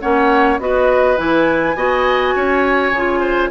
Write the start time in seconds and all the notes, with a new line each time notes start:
0.00 A#3 C#4 C#5 F#5
0.59 B3 F#4 B4 D#5
1.17 E3 E4 G#5
1.75 B3 F#4 D#5
2.36 C#4 C#5
2.91 C#3 F4
3.20 C5